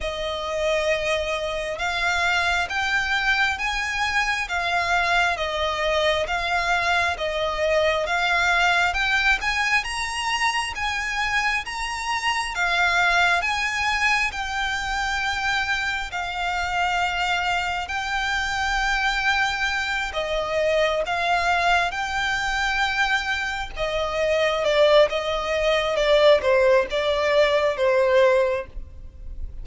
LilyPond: \new Staff \with { instrumentName = "violin" } { \time 4/4 \tempo 4 = 67 dis''2 f''4 g''4 | gis''4 f''4 dis''4 f''4 | dis''4 f''4 g''8 gis''8 ais''4 | gis''4 ais''4 f''4 gis''4 |
g''2 f''2 | g''2~ g''8 dis''4 f''8~ | f''8 g''2 dis''4 d''8 | dis''4 d''8 c''8 d''4 c''4 | }